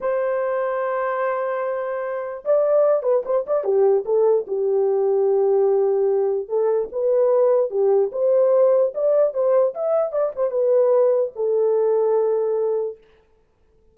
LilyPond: \new Staff \with { instrumentName = "horn" } { \time 4/4 \tempo 4 = 148 c''1~ | c''2 d''4. b'8 | c''8 d''8 g'4 a'4 g'4~ | g'1 |
a'4 b'2 g'4 | c''2 d''4 c''4 | e''4 d''8 c''8 b'2 | a'1 | }